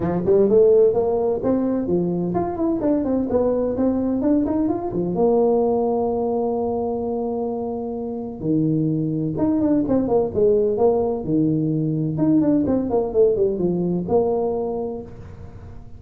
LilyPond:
\new Staff \with { instrumentName = "tuba" } { \time 4/4 \tempo 4 = 128 f8 g8 a4 ais4 c'4 | f4 f'8 e'8 d'8 c'8 b4 | c'4 d'8 dis'8 f'8 f8 ais4~ | ais1~ |
ais2 dis2 | dis'8 d'8 c'8 ais8 gis4 ais4 | dis2 dis'8 d'8 c'8 ais8 | a8 g8 f4 ais2 | }